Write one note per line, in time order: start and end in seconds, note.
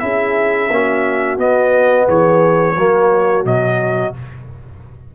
0.00 0.70 C#4
0.00 0.69 E4
0.00 0.72 G#4
0.00 1.38 E5
0.70 1.38 A#3
0.70 1.38 C#4
0.70 2.07 F#4
1.38 2.07 B3
1.38 2.76 B3
1.38 2.08 D#5
2.07 2.76 E3
2.07 2.76 G#4
2.07 3.46 C#5
2.76 3.45 F#3
2.76 3.45 A#3
2.76 4.15 F#4
3.45 4.14 B2
3.45 4.14 F#3
3.45 4.15 D#5